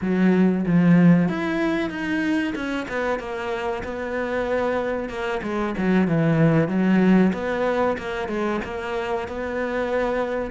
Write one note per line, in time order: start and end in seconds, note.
0.01 0.65 F#3
0.66 1.28 F3
1.28 1.90 E4
1.90 2.54 D#4
2.55 2.87 C#4
2.88 3.19 B3
3.19 3.82 A#3
3.83 5.09 B3
5.09 5.41 A#3
5.43 5.74 G#3
5.77 6.07 F#3
6.07 6.68 E3
6.68 7.32 F#3
7.33 7.97 B3
7.98 8.28 A#3
8.28 8.60 G#3
8.64 9.28 A#3
9.28 10.51 B3